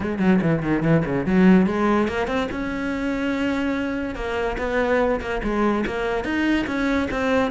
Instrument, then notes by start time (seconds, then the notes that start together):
cello
0.00 G#3
0.19 F#3
0.41 E3
0.62 D#3
0.82 E3
1.05 C#3
1.26 F#3
1.66 G#3
2.07 A#3
2.27 C4
2.51 C#4
4.15 A#3
4.58 B3
5.20 A#3
5.43 G#3
5.86 A#3
6.24 D#4
6.66 C#4
7.10 C4